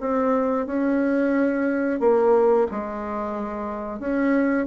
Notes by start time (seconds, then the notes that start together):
0.00 C4
0.67 C#4
2.00 A#3
2.72 G#3
4.00 C#4